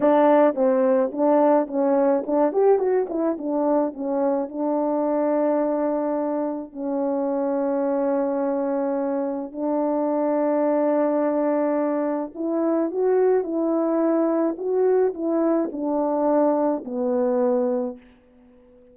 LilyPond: \new Staff \with { instrumentName = "horn" } { \time 4/4 \tempo 4 = 107 d'4 c'4 d'4 cis'4 | d'8 g'8 fis'8 e'8 d'4 cis'4 | d'1 | cis'1~ |
cis'4 d'2.~ | d'2 e'4 fis'4 | e'2 fis'4 e'4 | d'2 b2 | }